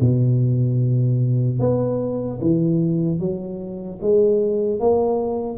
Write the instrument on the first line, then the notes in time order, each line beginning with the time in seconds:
tuba
0.00 B2
1.59 B3
2.41 E3
3.19 F#3
4.01 G#3
4.80 A#3